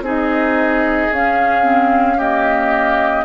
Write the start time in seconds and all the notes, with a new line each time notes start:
0.00 C4 D#4 G#4
0.07 D#5
1.11 C#4 F5
1.62 C4
2.17 A#3 G4 D#5